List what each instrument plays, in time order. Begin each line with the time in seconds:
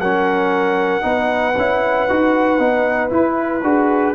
0.00 tuba F#3, trombone C#4, horn A#4, trumpet F#5
1.02 tuba B3, trombone D#4, horn B4
1.57 tuba C#4, trombone E4
2.09 tuba D#4, trombone F#4
2.59 tuba B3, trombone D#4
3.10 trombone E4, tuba E4, trumpet B4
3.63 tuba D4, trombone F#4, horn G#4